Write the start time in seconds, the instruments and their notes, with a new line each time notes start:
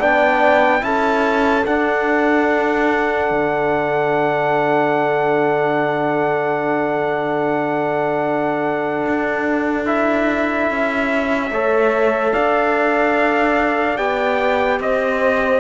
0.00 cello B3, trombone D4, horn D5, trumpet G5
0.82 cello C#4, trombone E4, horn A4, trumpet A5
1.66 trombone D4, cello D4, trumpet F#5
3.31 cello D3
9.07 cello D4
9.86 trombone E4, trumpet E5
10.71 cello C#4
11.51 cello A3, trombone A4, horn C#5
12.34 cello D4, horn D5, trumpet F5
13.97 cello B3, trombone G4, trumpet G5
14.80 cello C4, horn C5, trumpet D#5